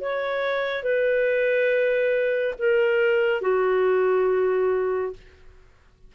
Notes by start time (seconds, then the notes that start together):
0.00 C#5
0.83 B4
2.58 A#4
3.41 F#4